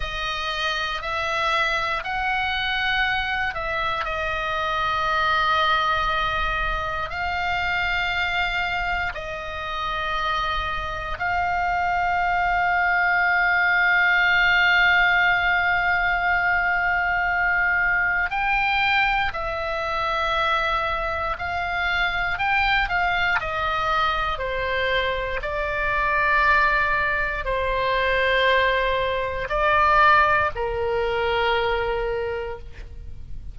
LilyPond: \new Staff \with { instrumentName = "oboe" } { \time 4/4 \tempo 4 = 59 dis''4 e''4 fis''4. e''8 | dis''2. f''4~ | f''4 dis''2 f''4~ | f''1~ |
f''2 g''4 e''4~ | e''4 f''4 g''8 f''8 dis''4 | c''4 d''2 c''4~ | c''4 d''4 ais'2 | }